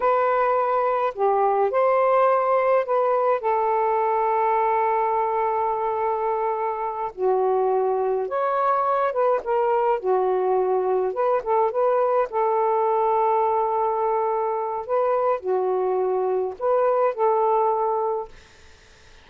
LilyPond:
\new Staff \with { instrumentName = "saxophone" } { \time 4/4 \tempo 4 = 105 b'2 g'4 c''4~ | c''4 b'4 a'2~ | a'1~ | a'8 fis'2 cis''4. |
b'8 ais'4 fis'2 b'8 | a'8 b'4 a'2~ a'8~ | a'2 b'4 fis'4~ | fis'4 b'4 a'2 | }